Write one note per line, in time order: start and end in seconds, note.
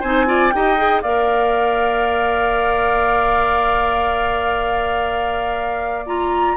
0.00 0.54 C4
0.00 0.26 D#4
0.00 0.25 C5
0.00 0.51 G#5
0.26 0.51 F4
0.26 0.53 D5
0.51 1.03 D#4
0.51 0.78 G4
0.51 1.02 D#5
0.51 1.01 G5
0.78 1.03 G#4
1.02 6.57 A#3
1.02 6.06 A#4
1.02 6.57 D5
1.02 6.06 F5
6.06 6.57 F4
6.06 6.57 A#5